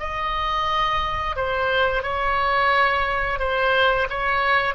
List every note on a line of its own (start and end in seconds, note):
0.00 1.36 D#5
1.36 2.03 C5
2.03 3.39 C#5
3.40 4.08 C5
4.10 4.75 C#5